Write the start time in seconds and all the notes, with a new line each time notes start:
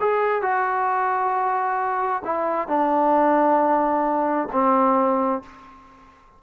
0.00 G#4
0.42 F#4
2.25 E4
2.68 D4
4.52 C4